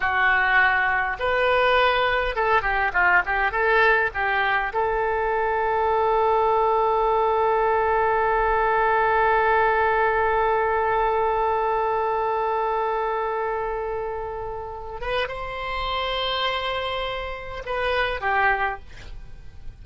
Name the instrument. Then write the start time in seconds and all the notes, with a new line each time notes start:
oboe
0.00 F#4
1.19 B4
2.35 A4
2.62 G4
2.93 F4
3.25 G4
3.51 A4
4.14 G4
4.73 A4
15.01 B4
15.28 C5
17.65 B4
18.20 G4